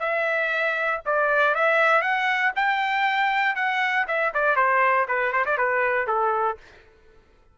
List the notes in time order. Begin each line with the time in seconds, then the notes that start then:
0.00 E5
1.06 D5
1.55 E5
2.02 F#5
2.56 G5
3.55 F#5
4.07 E5
4.34 D5
4.56 C5
5.08 B4
5.33 C5
5.46 D5
5.58 B4
6.07 A4